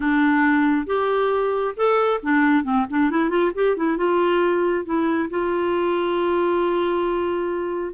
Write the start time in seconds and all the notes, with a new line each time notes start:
0.00 D4
0.86 G4
1.76 A4
2.23 D4
2.64 C4
2.90 D4
3.10 E4
3.29 F4
3.55 G4
3.77 E4
3.97 F4
4.85 E4
5.29 F4